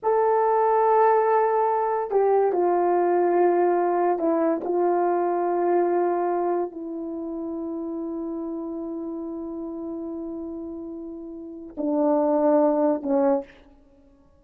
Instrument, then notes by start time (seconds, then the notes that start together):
horn
0.02 A4
2.10 G4
2.52 F4
4.18 E4
4.64 F4
6.71 E4
11.77 D4
13.02 C#4